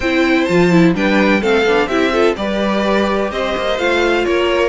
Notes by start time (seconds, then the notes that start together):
0.00 C4 E4 C5 G5
0.45 F3 F4 A5
0.71 E4
0.94 G3 D4 B4 G5
1.41 A3 C4 A4 F5
1.65 B3 D4
1.86 C4 E4 G4 E5
2.12 F4 A4
2.36 G3 G4 B4 D5
3.31 C4 C5 D#5
3.56 A#3
3.78 A3 F4 F5
4.24 A#3 A#4 C#5